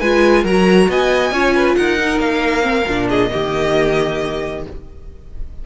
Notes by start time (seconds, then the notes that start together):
0.00 G#3 F4 B4 G#5
0.43 F#3 F#4 A#4 A#5
0.89 B3 D#5 G#5
1.31 C#4 F4 C#5
1.55 B4
1.76 D#4 A#4 F#5
1.99 D#4
2.19 A#3 F5
2.61 C4
2.88 A#2 D4
3.08 G#4 D#5
3.30 D#3 A#3 G4